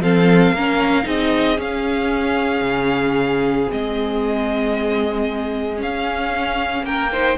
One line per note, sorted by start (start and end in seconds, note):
0.00 0.53 F3
0.00 0.55 C4
0.00 0.55 A4
0.00 1.07 F5
0.53 1.06 A#3
0.53 1.04 C#4
0.53 1.06 A#4
1.04 1.59 C4
1.04 1.56 D#4
1.04 6.85 G#4
1.04 1.60 D#5
1.58 3.69 C#4
1.58 2.61 C#4
1.58 3.71 F5
2.61 3.66 C#3
3.69 5.82 G#3
3.69 5.77 C4
3.69 5.82 D#5
5.77 7.08 C#4
5.77 6.83 C#4
5.77 6.85 F5
6.83 7.36 A#3
6.83 7.12 A#4
6.83 7.38 G5
7.12 7.38 D#4
7.12 7.38 C5